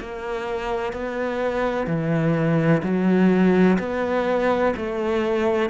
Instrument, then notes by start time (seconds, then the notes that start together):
cello
0.00 A#3
0.93 B3
1.87 E3
2.83 F#3
3.79 B3
4.76 A3